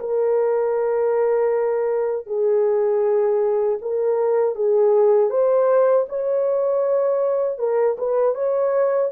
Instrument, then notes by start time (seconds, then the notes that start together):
horn
0.00 A#4
2.26 G#4
3.81 A#4
4.55 G#4
5.30 C5
6.09 C#5
7.58 A#4
7.98 B4
8.35 C#5